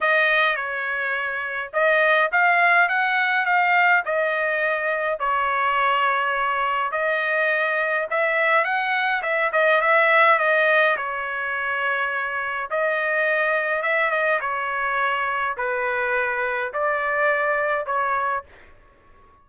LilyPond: \new Staff \with { instrumentName = "trumpet" } { \time 4/4 \tempo 4 = 104 dis''4 cis''2 dis''4 | f''4 fis''4 f''4 dis''4~ | dis''4 cis''2. | dis''2 e''4 fis''4 |
e''8 dis''8 e''4 dis''4 cis''4~ | cis''2 dis''2 | e''8 dis''8 cis''2 b'4~ | b'4 d''2 cis''4 | }